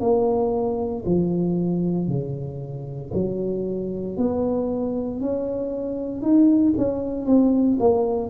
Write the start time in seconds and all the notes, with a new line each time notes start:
0.00 A#3
1.05 F3
2.08 C#3
3.13 F#3
4.17 B3
5.21 C#4
6.22 D#4
6.77 C#4
7.26 C4
7.80 A#3